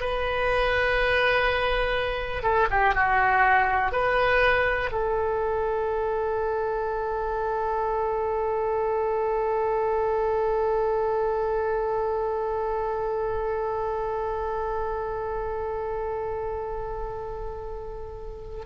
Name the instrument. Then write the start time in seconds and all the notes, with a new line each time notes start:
oboe
0.00 B4
2.43 A4
2.70 G4
2.95 F#4
3.92 B4
4.92 A4